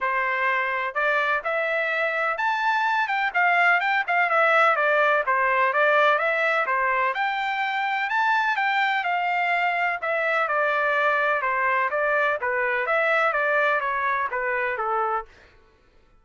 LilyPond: \new Staff \with { instrumentName = "trumpet" } { \time 4/4 \tempo 4 = 126 c''2 d''4 e''4~ | e''4 a''4. g''8 f''4 | g''8 f''8 e''4 d''4 c''4 | d''4 e''4 c''4 g''4~ |
g''4 a''4 g''4 f''4~ | f''4 e''4 d''2 | c''4 d''4 b'4 e''4 | d''4 cis''4 b'4 a'4 | }